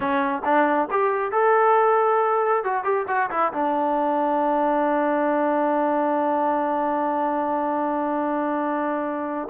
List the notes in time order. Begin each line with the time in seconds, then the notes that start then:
0.00 C#4
0.44 D4
0.90 G4
1.31 A4
2.64 F#4
2.84 G4
3.08 F#4
3.30 E4
3.53 D4